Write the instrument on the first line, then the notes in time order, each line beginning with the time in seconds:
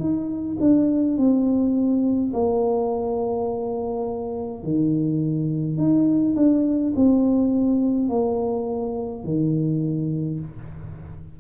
tuba
0.00 D#4
0.60 D4
1.17 C4
2.34 A#3
4.64 D#3
5.77 D#4
6.36 D4
6.96 C4
8.09 A#3
9.25 D#3